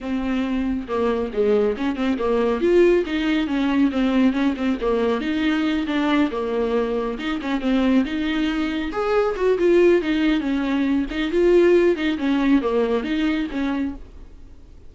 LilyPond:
\new Staff \with { instrumentName = "viola" } { \time 4/4 \tempo 4 = 138 c'2 ais4 gis4 | cis'8 c'8 ais4 f'4 dis'4 | cis'4 c'4 cis'8 c'8 ais4 | dis'4. d'4 ais4.~ |
ais8 dis'8 cis'8 c'4 dis'4.~ | dis'8 gis'4 fis'8 f'4 dis'4 | cis'4. dis'8 f'4. dis'8 | cis'4 ais4 dis'4 cis'4 | }